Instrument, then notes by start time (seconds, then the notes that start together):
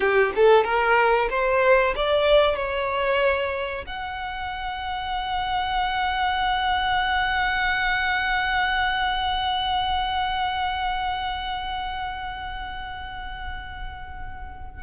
violin
0.00 G4
0.35 A4
0.64 A#4
1.29 C5
1.95 D5
2.56 C#5
3.86 F#5